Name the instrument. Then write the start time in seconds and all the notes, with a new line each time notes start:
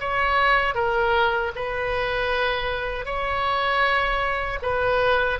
oboe
0.00 C#5
0.74 A#4
1.55 B4
3.05 C#5
4.62 B4